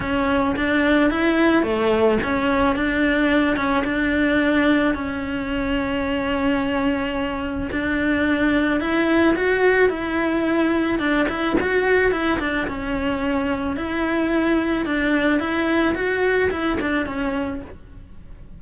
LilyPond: \new Staff \with { instrumentName = "cello" } { \time 4/4 \tempo 4 = 109 cis'4 d'4 e'4 a4 | cis'4 d'4. cis'8 d'4~ | d'4 cis'2.~ | cis'2 d'2 |
e'4 fis'4 e'2 | d'8 e'8 fis'4 e'8 d'8 cis'4~ | cis'4 e'2 d'4 | e'4 fis'4 e'8 d'8 cis'4 | }